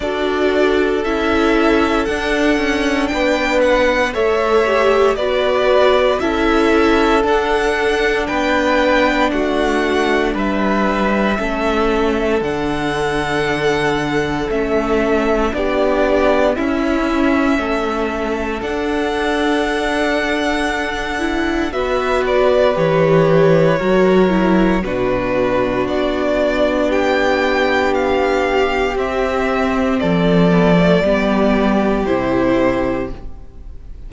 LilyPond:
<<
  \new Staff \with { instrumentName = "violin" } { \time 4/4 \tempo 4 = 58 d''4 e''4 fis''4 g''8 fis''8 | e''4 d''4 e''4 fis''4 | g''4 fis''4 e''2 | fis''2 e''4 d''4 |
e''2 fis''2~ | fis''4 e''8 d''8 cis''2 | b'4 d''4 g''4 f''4 | e''4 d''2 c''4 | }
  \new Staff \with { instrumentName = "violin" } { \time 4/4 a'2. b'4 | cis''4 b'4 a'2 | b'4 fis'4 b'4 a'4~ | a'2. g'4 |
e'4 a'2.~ | a'4 b'2 ais'4 | fis'2 g'2~ | g'4 a'4 g'2 | }
  \new Staff \with { instrumentName = "viola" } { \time 4/4 fis'4 e'4 d'2 | a'8 g'8 fis'4 e'4 d'4~ | d'2. cis'4 | d'2 cis'4 d'4 |
cis'2 d'2~ | d'8 e'8 fis'4 g'4 fis'8 e'8 | d'1 | c'4. b16 a16 b4 e'4 | }
  \new Staff \with { instrumentName = "cello" } { \time 4/4 d'4 cis'4 d'8 cis'8 b4 | a4 b4 cis'4 d'4 | b4 a4 g4 a4 | d2 a4 b4 |
cis'4 a4 d'2~ | d'4 b4 e4 fis4 | b,4 b2. | c'4 f4 g4 c4 | }
>>